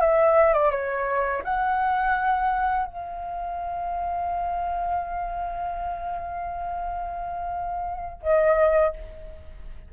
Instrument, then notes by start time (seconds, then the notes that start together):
flute
0.00 E5
0.53 D5
0.70 C#5
1.44 F#5
2.86 F5
8.22 D#5